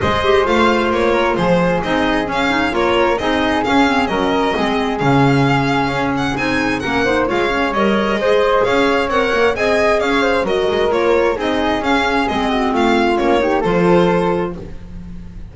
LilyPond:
<<
  \new Staff \with { instrumentName = "violin" } { \time 4/4 \tempo 4 = 132 dis''4 f''4 cis''4 c''4 | dis''4 f''4 cis''4 dis''4 | f''4 dis''2 f''4~ | f''4. fis''8 gis''4 fis''4 |
f''4 dis''2 f''4 | fis''4 gis''4 f''4 dis''4 | cis''4 dis''4 f''4 dis''4 | f''4 cis''4 c''2 | }
  \new Staff \with { instrumentName = "flute" } { \time 4/4 c''2~ c''8 ais'8 gis'4~ | gis'2 ais'4 gis'4~ | gis'4 ais'4 gis'2~ | gis'2. ais'8 c''8 |
cis''2 c''4 cis''4~ | cis''4 dis''4 cis''8 c''8 ais'4~ | ais'4 gis'2~ gis'8 fis'8 | f'4. g'8 a'2 | }
  \new Staff \with { instrumentName = "clarinet" } { \time 4/4 gis'8 g'8 f'2. | dis'4 cis'8 dis'8 f'4 dis'4 | cis'8 c'8 cis'4 c'4 cis'4~ | cis'2 dis'4 cis'8 dis'8 |
f'8 cis'8 ais'4 gis'2 | ais'4 gis'2 fis'4 | f'4 dis'4 cis'4 c'4~ | c'4 cis'8 dis'8 f'2 | }
  \new Staff \with { instrumentName = "double bass" } { \time 4/4 gis4 a4 ais4 f4 | c'4 cis'4 ais4 c'4 | cis'4 fis4 gis4 cis4~ | cis4 cis'4 c'4 ais4 |
gis4 g4 gis4 cis'4 | c'8 ais8 c'4 cis'4 fis8 gis8 | ais4 c'4 cis'4 gis4 | a4 ais4 f2 | }
>>